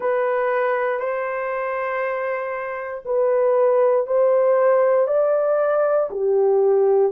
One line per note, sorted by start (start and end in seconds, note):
0.00 0.99 B4
0.99 3.03 C5
3.05 4.06 B4
4.06 5.07 C5
5.07 6.09 D5
6.10 7.12 G4